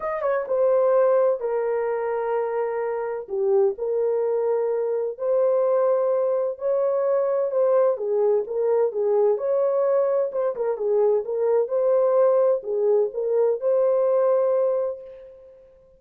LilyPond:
\new Staff \with { instrumentName = "horn" } { \time 4/4 \tempo 4 = 128 dis''8 cis''8 c''2 ais'4~ | ais'2. g'4 | ais'2. c''4~ | c''2 cis''2 |
c''4 gis'4 ais'4 gis'4 | cis''2 c''8 ais'8 gis'4 | ais'4 c''2 gis'4 | ais'4 c''2. | }